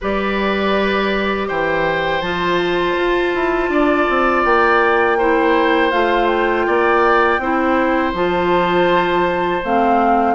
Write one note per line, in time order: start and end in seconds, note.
0.01 1.50 G3
0.01 2.23 G4
0.01 1.47 B4
0.01 1.48 D5
1.47 2.21 E3
1.47 3.70 C5
1.47 2.21 G5
2.21 2.95 F3
2.21 5.19 F4
2.21 4.43 A5
2.96 3.33 F4
3.34 3.69 E4
3.69 4.06 D4
3.69 5.18 D5
4.09 4.44 C4
4.44 5.92 A#3
4.44 5.91 G5
5.18 5.91 E4
5.18 6.66 C5
5.91 6.67 A3
5.91 7.39 F4
5.91 6.26 F5
6.26 8.11 G5
6.66 7.38 A#3
6.66 7.40 D5
7.38 8.12 C4
7.38 8.14 E4
7.38 10.35 C5
8.13 9.61 F3
8.13 9.62 F4
8.13 9.63 A5
9.63 10.35 A3
9.63 10.35 C4
9.63 10.35 F5